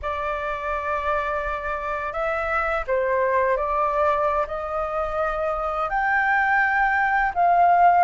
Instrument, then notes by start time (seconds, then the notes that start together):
flute
0.02 D5
2.12 E5
2.87 C5
3.56 D5
4.47 D#5
5.89 G5
7.34 F5